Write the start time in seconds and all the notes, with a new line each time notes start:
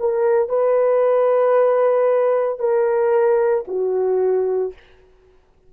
0.00 A#4
0.49 B4
2.60 A#4
3.68 F#4